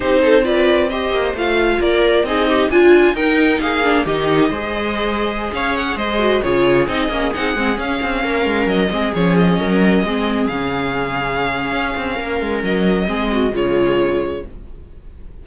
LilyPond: <<
  \new Staff \with { instrumentName = "violin" } { \time 4/4 \tempo 4 = 133 c''4 d''4 dis''4 f''4 | d''4 dis''4 gis''4 g''4 | f''4 dis''2.~ | dis''16 f''8 fis''8 dis''4 cis''4 dis''8.~ |
dis''16 fis''4 f''2 dis''8.~ | dis''16 cis''8 dis''2~ dis''8 f''8.~ | f''1 | dis''2 cis''2 | }
  \new Staff \with { instrumentName = "viola" } { \time 4/4 g'8 a'8 b'4 c''2 | ais'4 gis'8 g'8 f'4 ais'4 | gis'4 g'4 c''2~ | c''16 cis''4 c''4 gis'4.~ gis'16~ |
gis'2~ gis'16 ais'4. gis'16~ | gis'4~ gis'16 ais'4 gis'4.~ gis'16~ | gis'2. ais'4~ | ais'4 gis'8 fis'8 f'2 | }
  \new Staff \with { instrumentName = "viola" } { \time 4/4 dis'4 f'4 g'4 f'4~ | f'4 dis'4 f'4 dis'4~ | dis'8 d'8 dis'4 gis'2~ | gis'4.~ gis'16 fis'8 f'4 dis'8 cis'16~ |
cis'16 dis'8 c'8 cis'2~ cis'8 c'16~ | c'16 cis'2 c'4 cis'8.~ | cis'1~ | cis'4 c'4 gis2 | }
  \new Staff \with { instrumentName = "cello" } { \time 4/4 c'2~ c'8 ais8 a4 | ais4 c'4 d'4 dis'4 | ais4 dis4 gis2~ | gis16 cis'4 gis4 cis4 c'8 ais16~ |
ais16 c'8 gis8 cis'8 c'8 ais8 gis8 fis8 gis16~ | gis16 f4 fis4 gis4 cis8.~ | cis2 cis'8 c'8 ais8 gis8 | fis4 gis4 cis2 | }
>>